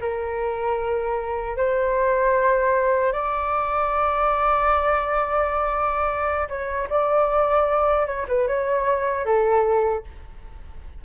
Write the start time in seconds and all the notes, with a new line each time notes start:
0.00 A#4
1.56 C5
3.12 D5
6.48 C#5
6.89 D5
8.06 C#5
8.28 B4
8.47 C#5
9.25 A4